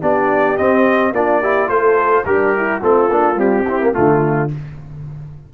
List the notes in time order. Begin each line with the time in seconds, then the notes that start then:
0.00 B3 D4 G4 D5
0.57 C4 D#5
1.12 A#3 D4 F4 D5
1.40 E4 G4
1.68 A3 F4 A4 C5
2.25 G3 D4 G4 A#4
2.56 E4
2.80 A3 C4 F4 A4
3.09 A#3 D4
3.35 G3 C4 G4
3.65 C4 E4
3.79 A#3
3.92 D3 A3 F4